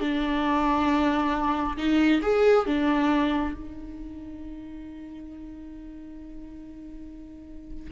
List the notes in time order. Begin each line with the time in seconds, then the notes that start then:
0.00 D4
1.77 D#4
2.22 G#4
2.66 D4
3.54 D#4